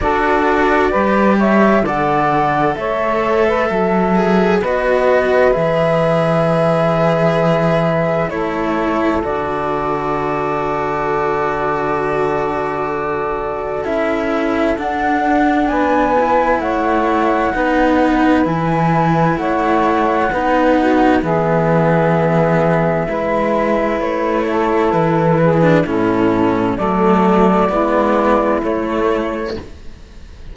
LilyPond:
<<
  \new Staff \with { instrumentName = "flute" } { \time 4/4 \tempo 4 = 65 d''4. e''8 fis''4 e''4~ | e''4 dis''4 e''2~ | e''4 cis''4 d''2~ | d''2. e''4 |
fis''4 gis''4 fis''2 | gis''4 fis''2 e''4~ | e''2 cis''4 b'4 | a'4 d''2 cis''4 | }
  \new Staff \with { instrumentName = "saxophone" } { \time 4/4 a'4 b'8 cis''8 d''4 cis''8. b'16 | a'4 b'2.~ | b'4 a'2.~ | a'1~ |
a'4 b'4 cis''4 b'4~ | b'4 cis''4 b'8 fis'8 gis'4~ | gis'4 b'4. a'4 gis'8 | e'4 a'4 e'2 | }
  \new Staff \with { instrumentName = "cello" } { \time 4/4 fis'4 g'4 a'2~ | a'8 gis'8 fis'4 gis'2~ | gis'4 e'4 fis'2~ | fis'2. e'4 |
d'4. e'4. dis'4 | e'2 dis'4 b4~ | b4 e'2~ e'8. d'16 | cis'4 a4 b4 a4 | }
  \new Staff \with { instrumentName = "cello" } { \time 4/4 d'4 g4 d4 a4 | fis4 b4 e2~ | e4 a4 d2~ | d2. cis'4 |
d'4 b4 a4 b4 | e4 a4 b4 e4~ | e4 gis4 a4 e4 | a,4 fis4 gis4 a4 | }
>>